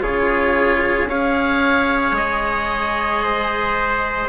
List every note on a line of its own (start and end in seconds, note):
0.00 1.05 C#3
0.00 1.07 F4
0.00 1.09 G#4
0.00 1.08 C#5
1.05 2.12 C#4
1.05 4.29 G#4
1.05 3.23 C#5
1.05 2.16 F5
2.12 4.26 G#3
2.12 4.29 D#5
3.23 4.29 C5